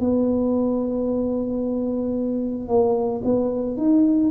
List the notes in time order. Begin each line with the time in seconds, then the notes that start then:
0.00 B3
2.68 A#3
3.25 B3
3.77 D#4